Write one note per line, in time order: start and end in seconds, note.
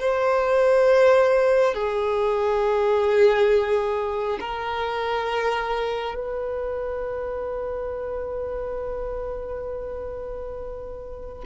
0.00 1.74 C5
1.74 4.39 G#4
4.41 6.15 A#4
6.15 11.45 B4